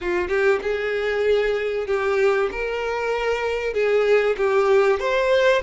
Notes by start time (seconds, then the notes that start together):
0.00 F4
0.28 G4
0.62 G#4
1.87 G4
2.51 A#4
3.73 G#4
4.37 G4
4.99 C5